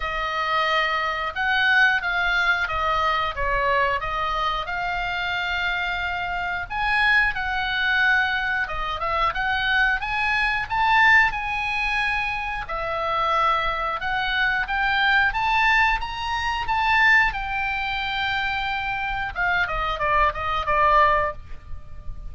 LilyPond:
\new Staff \with { instrumentName = "oboe" } { \time 4/4 \tempo 4 = 90 dis''2 fis''4 f''4 | dis''4 cis''4 dis''4 f''4~ | f''2 gis''4 fis''4~ | fis''4 dis''8 e''8 fis''4 gis''4 |
a''4 gis''2 e''4~ | e''4 fis''4 g''4 a''4 | ais''4 a''4 g''2~ | g''4 f''8 dis''8 d''8 dis''8 d''4 | }